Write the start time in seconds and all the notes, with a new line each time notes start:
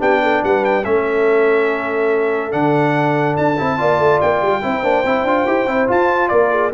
0.00 B3 D4 G4 G5
0.23 A4
0.44 G3 B4 F#5
0.65 G5
0.85 A3 C#4 A4 E5
2.52 D3 D4 F#5
3.37 D4 A5
3.58 C4 E4
3.78 A#3 F4 D5
3.99 A3
4.22 A#3 G5
4.42 G3
4.62 C4 E4 C5
4.83 A#3 D4
5.05 C4 E4
5.24 D4 F4
5.47 E4 G4
5.67 C4 E4
5.88 F4 A5
6.29 A#3 A#4 D5
6.51 G#4